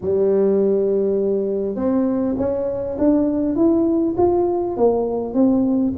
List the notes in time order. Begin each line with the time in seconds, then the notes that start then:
0.01 G3
1.75 C4
2.37 C#4
2.98 D4
3.55 E4
4.17 F4
4.76 A#3
5.34 C4